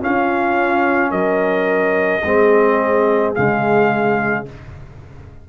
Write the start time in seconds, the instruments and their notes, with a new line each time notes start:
0.00 trombone C#4, tuba C#4, horn F4, trumpet F5
1.11 tuba F#3, horn A#4, trumpet D#5
2.24 tuba G#3, trombone C4, horn G#4
3.35 tuba C#3, trombone G#3, trumpet F5